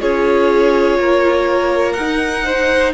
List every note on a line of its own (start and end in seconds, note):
0.00 0.98 C#4
0.00 1.97 F4
0.00 0.99 G#4
0.00 1.93 C#5
0.98 1.96 A#3
0.98 2.44 A#4
1.93 2.93 D#4
1.93 2.91 F#5
2.00 2.93 D#4
2.44 2.93 C5